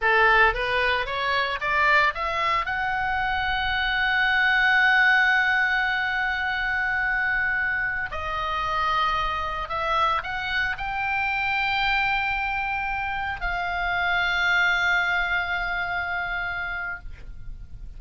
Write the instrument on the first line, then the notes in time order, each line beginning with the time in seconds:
oboe
0.01 A4
0.54 B4
1.05 C#5
1.60 D5
2.14 E5
2.65 F#5
8.11 D#5
9.69 E5
10.23 F#5
10.77 G5
13.41 F5